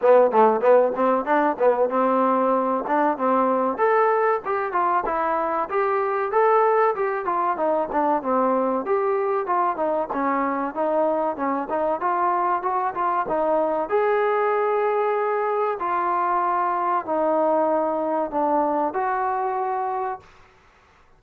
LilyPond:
\new Staff \with { instrumentName = "trombone" } { \time 4/4 \tempo 4 = 95 b8 a8 b8 c'8 d'8 b8 c'4~ | c'8 d'8 c'4 a'4 g'8 f'8 | e'4 g'4 a'4 g'8 f'8 | dis'8 d'8 c'4 g'4 f'8 dis'8 |
cis'4 dis'4 cis'8 dis'8 f'4 | fis'8 f'8 dis'4 gis'2~ | gis'4 f'2 dis'4~ | dis'4 d'4 fis'2 | }